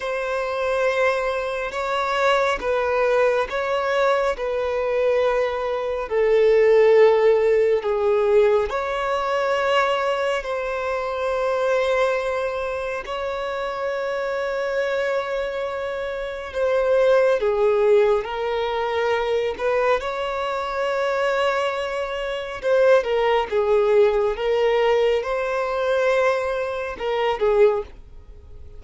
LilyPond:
\new Staff \with { instrumentName = "violin" } { \time 4/4 \tempo 4 = 69 c''2 cis''4 b'4 | cis''4 b'2 a'4~ | a'4 gis'4 cis''2 | c''2. cis''4~ |
cis''2. c''4 | gis'4 ais'4. b'8 cis''4~ | cis''2 c''8 ais'8 gis'4 | ais'4 c''2 ais'8 gis'8 | }